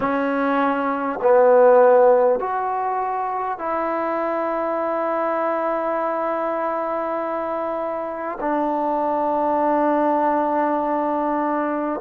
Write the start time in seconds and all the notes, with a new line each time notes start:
0.00 C#4
1.22 B3
2.39 F#4
3.58 E4
8.40 D4